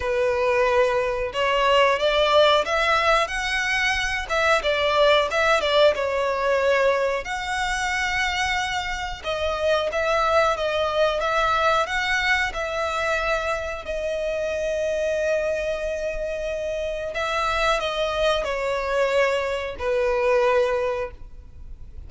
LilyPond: \new Staff \with { instrumentName = "violin" } { \time 4/4 \tempo 4 = 91 b'2 cis''4 d''4 | e''4 fis''4. e''8 d''4 | e''8 d''8 cis''2 fis''4~ | fis''2 dis''4 e''4 |
dis''4 e''4 fis''4 e''4~ | e''4 dis''2.~ | dis''2 e''4 dis''4 | cis''2 b'2 | }